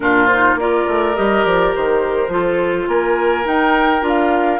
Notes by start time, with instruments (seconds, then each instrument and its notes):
0.00 bassoon A#2, clarinet D4, oboe F4, flute A#4
0.26 flute C5
0.32 clarinet D#4
0.54 bassoon A#3, clarinet F4, oboe A#4, flute D5
0.87 bassoon A3
1.15 bassoon G3, clarinet G4, flute D#5
1.44 bassoon F3, flute D5
1.75 bassoon D#3, flute C5
2.28 bassoon F3, clarinet F4, oboe A4
2.87 bassoon A#3, oboe A#4, flute G#5
3.44 clarinet D#4, bassoon D#4, flute G5
4.01 bassoon D4, clarinet F4
4.08 flute F5